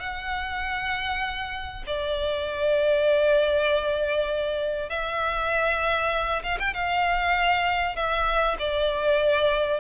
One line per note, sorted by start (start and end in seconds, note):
0.00 1.84 F#5
1.87 4.90 D5
4.90 6.43 E5
6.43 6.58 F5
6.60 6.74 G5
6.74 7.96 F5
7.96 8.57 E5
8.59 9.80 D5